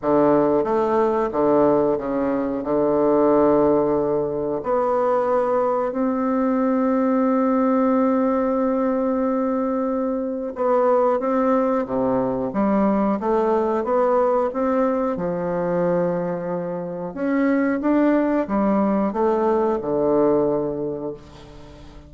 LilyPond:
\new Staff \with { instrumentName = "bassoon" } { \time 4/4 \tempo 4 = 91 d4 a4 d4 cis4 | d2. b4~ | b4 c'2.~ | c'1 |
b4 c'4 c4 g4 | a4 b4 c'4 f4~ | f2 cis'4 d'4 | g4 a4 d2 | }